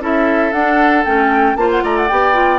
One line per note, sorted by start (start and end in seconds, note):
0.00 0.52 C#4
0.00 0.52 E4
0.00 1.56 A4
0.00 0.52 E5
0.52 1.04 D4
0.52 1.05 D4
0.52 1.04 F#5
1.04 1.55 A3
1.04 1.56 C#4
1.04 1.56 G5
1.55 1.81 A#3
1.55 2.08 F4
1.55 1.83 C5
1.55 1.69 A5
1.70 1.83 F#5
1.83 2.09 A3
1.83 2.59 D5
1.83 1.97 A#5
1.97 2.09 F#5
2.09 2.59 B3
2.09 2.33 G4
2.09 2.59 G5
2.33 2.59 F4